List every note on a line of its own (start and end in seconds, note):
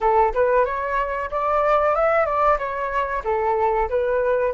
0.01 0.33 A4
0.34 0.65 B4
0.65 1.29 C#5
1.30 1.95 D5
1.95 2.25 E5
2.25 2.57 D5
2.58 3.23 C#5
3.24 3.89 A4
3.89 4.53 B4